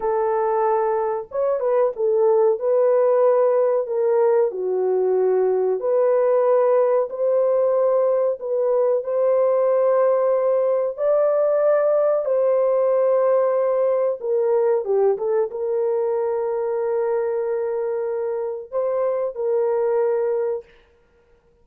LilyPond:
\new Staff \with { instrumentName = "horn" } { \time 4/4 \tempo 4 = 93 a'2 cis''8 b'8 a'4 | b'2 ais'4 fis'4~ | fis'4 b'2 c''4~ | c''4 b'4 c''2~ |
c''4 d''2 c''4~ | c''2 ais'4 g'8 a'8 | ais'1~ | ais'4 c''4 ais'2 | }